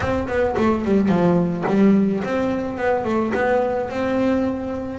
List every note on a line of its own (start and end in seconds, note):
0.00 0.27 C4
0.27 0.55 B3
0.57 0.85 A3
0.85 1.08 G3
1.08 1.64 F3
1.67 2.23 G3
2.24 2.77 C4
2.77 3.04 B3
3.04 3.32 A3
3.34 3.89 B3
3.89 4.99 C4